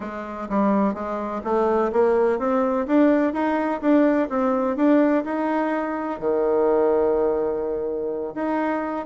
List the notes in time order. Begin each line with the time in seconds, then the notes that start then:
0.00 G#3
0.49 G3
0.94 G#3
1.44 A3
1.92 A#3
2.38 C4
2.86 D4
3.33 D#4
3.81 D4
4.29 C4
4.76 D4
5.24 D#4
6.19 D#3
8.34 D#4